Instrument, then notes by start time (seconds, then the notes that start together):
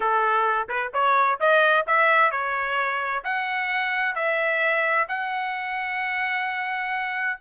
trumpet
0.00 A4
0.69 B4
0.93 C#5
1.40 D#5
1.86 E5
2.31 C#5
3.24 F#5
4.15 E5
5.08 F#5